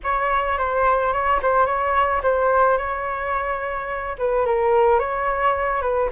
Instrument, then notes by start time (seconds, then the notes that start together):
flute
0.03 C#5
0.58 C5
1.12 C#5
1.42 C5
1.66 C#5
2.22 C5
2.77 C#5
4.18 B4
4.45 A#4
4.99 C#5
5.81 B4